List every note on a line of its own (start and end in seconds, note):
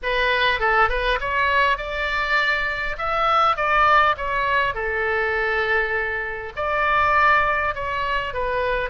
0.02 0.59 B4
0.59 0.89 A4
0.89 1.19 B4
1.20 1.77 C#5
1.77 2.96 D5
2.97 3.56 E5
3.56 4.15 D5
4.17 4.74 C#5
4.74 6.52 A4
6.56 7.74 D5
7.74 8.33 C#5
8.33 8.89 B4